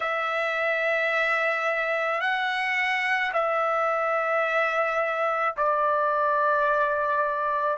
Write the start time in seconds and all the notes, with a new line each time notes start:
0.00 E5
2.20 F#5
3.33 E5
5.57 D5